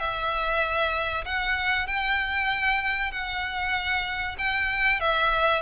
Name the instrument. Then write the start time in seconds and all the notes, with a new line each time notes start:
violin
0.00 E5
1.25 F#5
1.88 G5
3.12 F#5
4.39 G5
5.01 E5